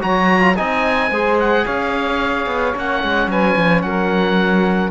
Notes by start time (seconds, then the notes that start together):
0.00 F#3 F#4 C#5 A#5
0.41 F4
0.56 C4 D#4 D#5 G#5
1.10 G#3 G#4 C5
1.39 F#5
1.64 C#4 C#5 F5
2.46 B3
2.75 A#3 C#4 F#5
3.03 G#3
3.27 F#3 B4 G#5
3.56 F3
3.81 F#3 A#4 F#5